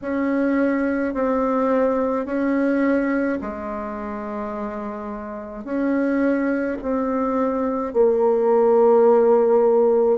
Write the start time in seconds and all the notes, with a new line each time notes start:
0.01 C#4
1.14 C4
2.25 C#4
3.41 G#3
5.64 C#4
6.82 C4
7.93 A#3